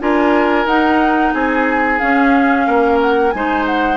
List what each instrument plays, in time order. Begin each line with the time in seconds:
0.00 bassoon D4, clarinet F4, oboe A#4, flute G#5
0.66 bassoon D#4, clarinet D#4, flute F#5
1.34 bassoon C4, oboe G#4, flute G#5
1.99 clarinet C#4, bassoon C#4, flute F5
2.67 bassoon A#3, oboe A#4
3.02 flute F#5
3.31 bassoon G#3, clarinet D#4, oboe C5, flute G#5
3.66 flute F#5